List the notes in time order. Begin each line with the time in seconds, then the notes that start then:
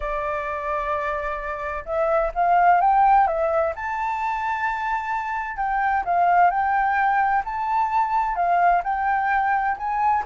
0.00 D5
1.85 E5
2.34 F5
2.80 G5
3.27 E5
3.75 A5
5.57 G5
6.04 F5
6.50 G5
7.44 A5
8.35 F5
8.83 G5
9.77 G#5